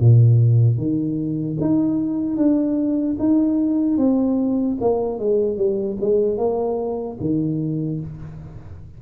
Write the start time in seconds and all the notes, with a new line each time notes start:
0.00 A#2
0.77 D#3
1.61 D#4
2.37 D4
3.19 D#4
3.98 C4
4.81 A#3
5.19 G#3
5.57 G3
6.01 G#3
6.38 A#3
7.20 D#3